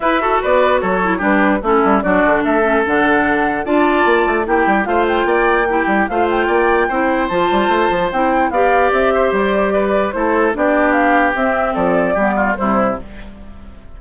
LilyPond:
<<
  \new Staff \with { instrumentName = "flute" } { \time 4/4 \tempo 4 = 148 e''4 d''4 cis''4 b'4 | a'4 d''4 e''4 fis''4~ | fis''4 a''2 g''4 | f''8 g''2~ g''8 f''8 g''8~ |
g''2 a''2 | g''4 f''4 e''4 d''4~ | d''4 c''4 d''4 f''4 | e''4 d''2 c''4 | }
  \new Staff \with { instrumentName = "oboe" } { \time 4/4 b'8 a'8 b'4 a'4 g'4 | e'4 fis'4 a'2~ | a'4 d''2 g'4 | c''4 d''4 g'4 c''4 |
d''4 c''2.~ | c''4 d''4. c''4. | b'4 a'4 g'2~ | g'4 a'4 g'8 f'8 e'4 | }
  \new Staff \with { instrumentName = "clarinet" } { \time 4/4 e'8 fis'2 e'8 d'4 | cis'4 d'4. cis'8 d'4~ | d'4 f'2 e'4 | f'2 e'4 f'4~ |
f'4 e'4 f'2 | e'4 g'2.~ | g'4 e'4 d'2 | c'2 b4 g4 | }
  \new Staff \with { instrumentName = "bassoon" } { \time 4/4 e'4 b4 fis4 g4 | a8 g8 fis8 d8 a4 d4~ | d4 d'4 ais8 a8 ais8 g8 | a4 ais4. g8 a4 |
ais4 c'4 f8 g8 a8 f8 | c'4 b4 c'4 g4~ | g4 a4 b2 | c'4 f4 g4 c4 | }
>>